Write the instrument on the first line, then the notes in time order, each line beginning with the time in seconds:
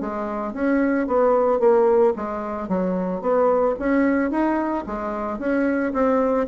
bassoon
0.00 G#3
0.53 C#4
1.07 B3
1.59 A#3
2.16 G#3
2.68 F#3
3.21 B3
3.79 C#4
4.30 D#4
4.86 G#3
5.39 C#4
5.93 C4